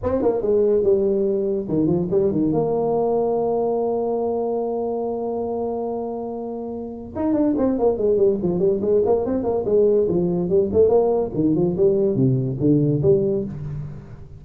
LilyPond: \new Staff \with { instrumentName = "tuba" } { \time 4/4 \tempo 4 = 143 c'8 ais8 gis4 g2 | dis8 f8 g8 dis8 ais2~ | ais1~ | ais1~ |
ais4 dis'8 d'8 c'8 ais8 gis8 g8 | f8 g8 gis8 ais8 c'8 ais8 gis4 | f4 g8 a8 ais4 dis8 f8 | g4 c4 d4 g4 | }